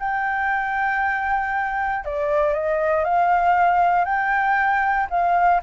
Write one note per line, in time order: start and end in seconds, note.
0.00 2.05 G5
2.05 2.54 D5
2.54 3.05 D#5
3.05 4.05 F5
4.05 5.08 G5
5.10 5.62 F5